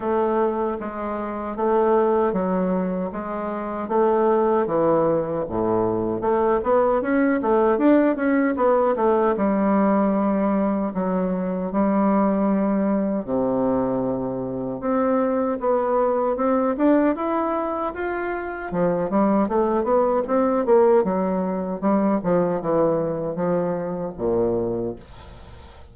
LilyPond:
\new Staff \with { instrumentName = "bassoon" } { \time 4/4 \tempo 4 = 77 a4 gis4 a4 fis4 | gis4 a4 e4 a,4 | a8 b8 cis'8 a8 d'8 cis'8 b8 a8 | g2 fis4 g4~ |
g4 c2 c'4 | b4 c'8 d'8 e'4 f'4 | f8 g8 a8 b8 c'8 ais8 fis4 | g8 f8 e4 f4 ais,4 | }